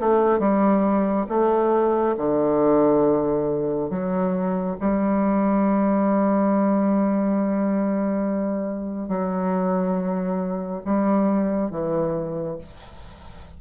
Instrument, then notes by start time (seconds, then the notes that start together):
bassoon
0.00 A3
0.40 G3
1.29 A3
2.17 D3
3.90 F#3
4.80 G3
9.09 F#3
10.85 G3
11.71 E3